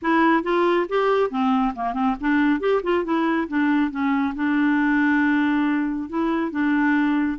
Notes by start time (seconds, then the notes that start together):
0.02 E4
0.43 F4
0.88 G4
1.30 C4
1.75 A#3
1.93 C4
2.20 D4
2.60 G4
2.83 F4
3.04 E4
3.47 D4
3.90 C#4
4.35 D4
6.09 E4
6.51 D4